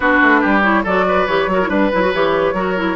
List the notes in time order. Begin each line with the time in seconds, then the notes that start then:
0.00 B3 D4 F#4 B4
0.22 A3
0.40 G3 G4
0.62 E4 C#5
0.83 F#3 F#4 A4 D5
1.07 B4
1.27 E3 G4 C#5
1.46 F#3 F#4
1.52 A#4
1.61 E4
1.69 G3 D4 B4
1.92 F#3 E4
2.01 F#4
2.13 E3 G4 C#5
2.53 F#3 F#4 A#4
2.76 E4